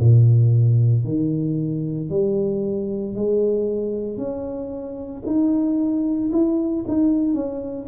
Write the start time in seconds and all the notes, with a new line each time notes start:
0.00 A#2
1.05 D#3
2.10 G3
3.15 G#3
4.18 C#4
5.26 D#4
6.33 E4
6.88 D#4
7.34 C#4